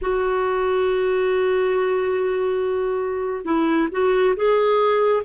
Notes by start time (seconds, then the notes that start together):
0.01 F#4
3.45 E4
3.91 F#4
4.36 G#4